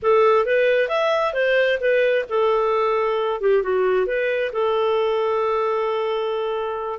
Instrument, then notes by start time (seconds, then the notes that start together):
clarinet
0.02 A4
0.45 B4
0.88 E5
1.33 C5
1.80 B4
2.29 A4
3.40 G4
3.62 F#4
4.06 B4
4.52 A4